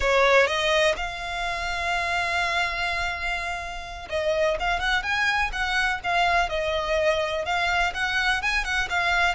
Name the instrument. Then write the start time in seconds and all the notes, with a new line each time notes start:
violin
0.00 C#5
0.46 D#5
0.96 F5
4.09 D#5
4.59 F5
4.79 F#5
5.03 G#5
5.52 F#5
6.03 F5
6.49 D#5
7.45 F5
7.94 F#5
8.42 G#5
8.64 F#5
8.89 F5